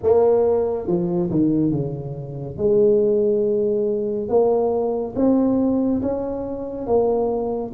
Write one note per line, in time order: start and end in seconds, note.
0.02 0.87 A#3
0.87 1.30 F3
1.30 1.71 D#3
1.71 2.57 C#3
2.57 4.29 G#3
4.29 5.14 A#3
5.15 6.01 C4
6.02 6.86 C#4
6.86 7.72 A#3